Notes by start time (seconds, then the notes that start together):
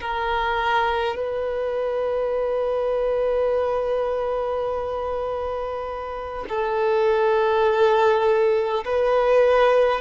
0.00 A#4
1.16 B4
6.49 A4
8.84 B4